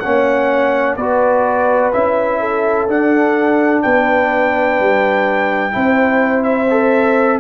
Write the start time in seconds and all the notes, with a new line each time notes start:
0.00 A#3 C#4 C#5 F#5
0.96 B3 F#4 B4 D5
1.93 C#4 E4 E5
2.40 A4
2.88 D4 F#5
3.82 B3 B4 G5
4.80 G3
5.71 C4 E4 C5
6.43 E5
6.70 A4